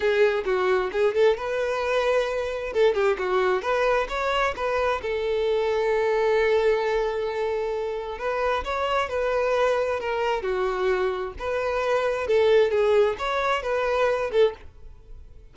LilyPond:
\new Staff \with { instrumentName = "violin" } { \time 4/4 \tempo 4 = 132 gis'4 fis'4 gis'8 a'8 b'4~ | b'2 a'8 g'8 fis'4 | b'4 cis''4 b'4 a'4~ | a'1~ |
a'2 b'4 cis''4 | b'2 ais'4 fis'4~ | fis'4 b'2 a'4 | gis'4 cis''4 b'4. a'8 | }